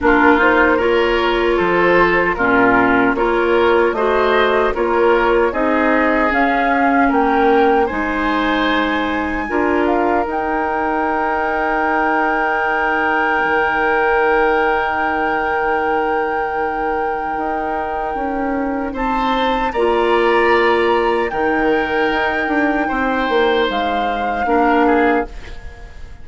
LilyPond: <<
  \new Staff \with { instrumentName = "flute" } { \time 4/4 \tempo 4 = 76 ais'8 c''8 cis''4 c''4 ais'4 | cis''4 dis''4 cis''4 dis''4 | f''4 g''4 gis''2~ | gis''8 f''8 g''2.~ |
g''1~ | g''1 | a''4 ais''2 g''4~ | g''2 f''2 | }
  \new Staff \with { instrumentName = "oboe" } { \time 4/4 f'4 ais'4 a'4 f'4 | ais'4 c''4 ais'4 gis'4~ | gis'4 ais'4 c''2 | ais'1~ |
ais'1~ | ais'1 | c''4 d''2 ais'4~ | ais'4 c''2 ais'8 gis'8 | }
  \new Staff \with { instrumentName = "clarinet" } { \time 4/4 d'8 dis'8 f'2 cis'4 | f'4 fis'4 f'4 dis'4 | cis'2 dis'2 | f'4 dis'2.~ |
dis'1~ | dis'1~ | dis'4 f'2 dis'4~ | dis'2. d'4 | }
  \new Staff \with { instrumentName = "bassoon" } { \time 4/4 ais2 f4 ais,4 | ais4 a4 ais4 c'4 | cis'4 ais4 gis2 | d'4 dis'2.~ |
dis'4 dis2.~ | dis2 dis'4 cis'4 | c'4 ais2 dis4 | dis'8 d'8 c'8 ais8 gis4 ais4 | }
>>